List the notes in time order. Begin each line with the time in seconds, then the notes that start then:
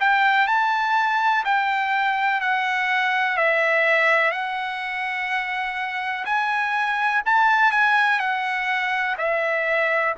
0.00 G5
0.48 A5
1.45 G5
2.41 F#5
3.37 E5
4.32 F#5
6.25 G#5
7.26 A5
7.72 G#5
8.20 F#5
9.18 E5